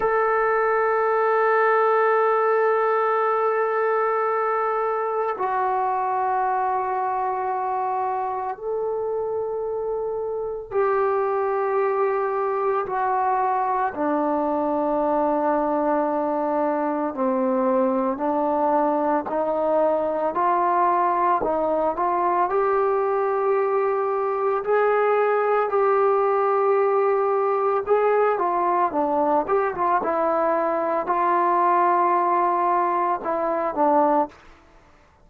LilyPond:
\new Staff \with { instrumentName = "trombone" } { \time 4/4 \tempo 4 = 56 a'1~ | a'4 fis'2. | a'2 g'2 | fis'4 d'2. |
c'4 d'4 dis'4 f'4 | dis'8 f'8 g'2 gis'4 | g'2 gis'8 f'8 d'8 g'16 f'16 | e'4 f'2 e'8 d'8 | }